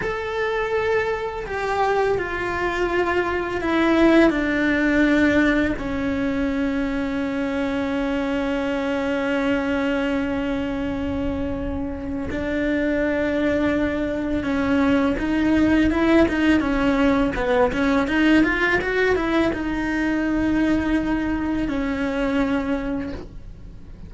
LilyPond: \new Staff \with { instrumentName = "cello" } { \time 4/4 \tempo 4 = 83 a'2 g'4 f'4~ | f'4 e'4 d'2 | cis'1~ | cis'1~ |
cis'4 d'2. | cis'4 dis'4 e'8 dis'8 cis'4 | b8 cis'8 dis'8 f'8 fis'8 e'8 dis'4~ | dis'2 cis'2 | }